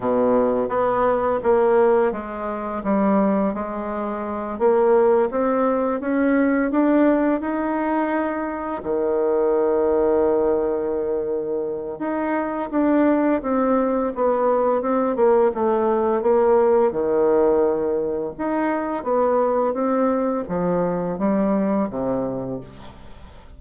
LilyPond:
\new Staff \with { instrumentName = "bassoon" } { \time 4/4 \tempo 4 = 85 b,4 b4 ais4 gis4 | g4 gis4. ais4 c'8~ | c'8 cis'4 d'4 dis'4.~ | dis'8 dis2.~ dis8~ |
dis4 dis'4 d'4 c'4 | b4 c'8 ais8 a4 ais4 | dis2 dis'4 b4 | c'4 f4 g4 c4 | }